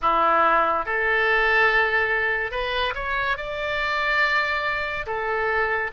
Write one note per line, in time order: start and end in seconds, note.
0.01 0.85 E4
0.85 2.51 A4
2.51 2.93 B4
2.95 3.36 C#5
3.36 5.06 D5
5.06 5.90 A4